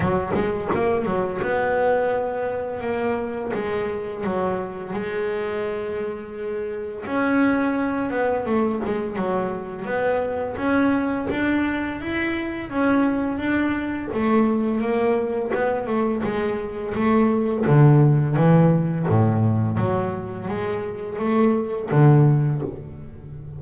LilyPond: \new Staff \with { instrumentName = "double bass" } { \time 4/4 \tempo 4 = 85 fis8 gis8 ais8 fis8 b2 | ais4 gis4 fis4 gis4~ | gis2 cis'4. b8 | a8 gis8 fis4 b4 cis'4 |
d'4 e'4 cis'4 d'4 | a4 ais4 b8 a8 gis4 | a4 d4 e4 a,4 | fis4 gis4 a4 d4 | }